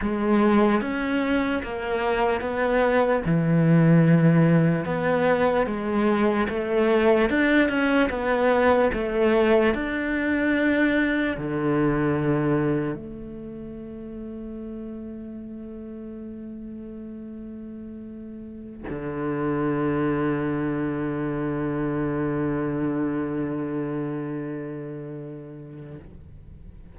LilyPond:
\new Staff \with { instrumentName = "cello" } { \time 4/4 \tempo 4 = 74 gis4 cis'4 ais4 b4 | e2 b4 gis4 | a4 d'8 cis'8 b4 a4 | d'2 d2 |
a1~ | a2.~ a16 d8.~ | d1~ | d1 | }